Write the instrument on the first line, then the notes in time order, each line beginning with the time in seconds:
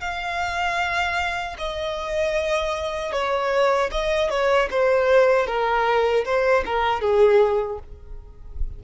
violin
0.00 F5
1.58 D#5
3.12 C#5
3.91 D#5
4.29 C#5
4.70 C5
5.46 A#4
6.25 C5
6.65 A#4
7.01 G#4